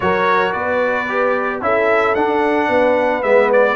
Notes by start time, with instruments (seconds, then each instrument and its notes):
0.00 tuba F#3, trombone F#4, horn A#4, trumpet C#5
0.52 tuba B3, horn B4, trumpet D5
1.08 trombone G4
1.61 tuba C#4, trombone E4, horn A4, trumpet E5
2.15 tuba D4, trombone D4, trumpet F#5
2.69 tuba B3, horn B4
3.22 tuba G#3, trombone B3, trumpet E5
3.52 trumpet D5